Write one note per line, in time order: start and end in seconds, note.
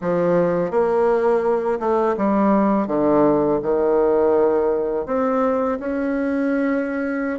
0.01 0.70 F3
0.70 1.79 A#3
1.79 2.15 A3
2.17 2.87 G3
2.87 3.59 D3
3.62 5.06 D#3
5.06 5.78 C4
5.79 7.39 C#4